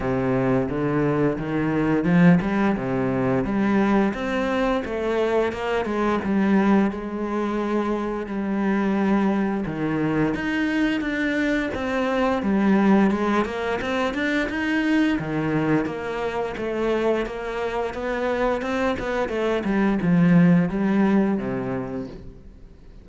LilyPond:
\new Staff \with { instrumentName = "cello" } { \time 4/4 \tempo 4 = 87 c4 d4 dis4 f8 g8 | c4 g4 c'4 a4 | ais8 gis8 g4 gis2 | g2 dis4 dis'4 |
d'4 c'4 g4 gis8 ais8 | c'8 d'8 dis'4 dis4 ais4 | a4 ais4 b4 c'8 b8 | a8 g8 f4 g4 c4 | }